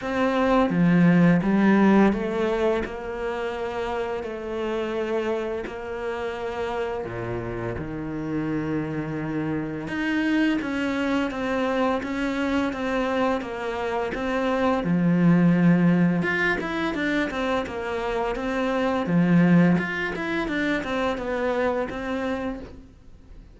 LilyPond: \new Staff \with { instrumentName = "cello" } { \time 4/4 \tempo 4 = 85 c'4 f4 g4 a4 | ais2 a2 | ais2 ais,4 dis4~ | dis2 dis'4 cis'4 |
c'4 cis'4 c'4 ais4 | c'4 f2 f'8 e'8 | d'8 c'8 ais4 c'4 f4 | f'8 e'8 d'8 c'8 b4 c'4 | }